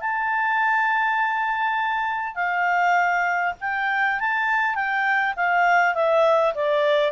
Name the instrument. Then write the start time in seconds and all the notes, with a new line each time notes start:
clarinet
0.00 A5
2.35 F5
3.60 G5
4.20 A5
4.75 G5
5.36 F5
5.94 E5
6.55 D5